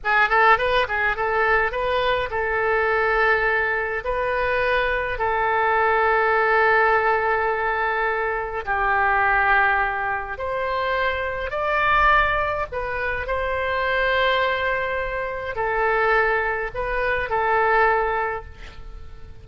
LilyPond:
\new Staff \with { instrumentName = "oboe" } { \time 4/4 \tempo 4 = 104 gis'8 a'8 b'8 gis'8 a'4 b'4 | a'2. b'4~ | b'4 a'2.~ | a'2. g'4~ |
g'2 c''2 | d''2 b'4 c''4~ | c''2. a'4~ | a'4 b'4 a'2 | }